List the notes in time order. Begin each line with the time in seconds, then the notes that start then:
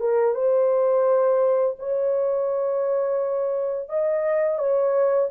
0.00 A#4
0.34 C5
1.79 C#5
3.89 D#5
4.58 C#5